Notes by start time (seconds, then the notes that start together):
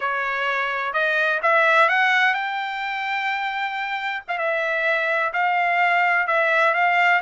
0.00 C#5
0.93 D#5
1.42 E5
1.88 F#5
2.34 G5
4.28 F5
4.38 E5
5.33 F5
6.27 E5
6.74 F5